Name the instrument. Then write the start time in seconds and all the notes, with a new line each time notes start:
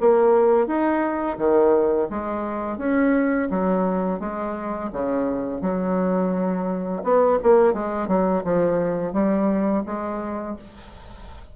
bassoon
0.00 A#3
0.67 D#4
1.38 D#3
2.10 G#3
2.78 C#4
3.50 F#3
4.20 G#3
4.93 C#3
5.61 F#3
7.03 B3
7.43 A#3
7.74 G#3
8.08 F#3
8.44 F3
9.13 G3
9.86 G#3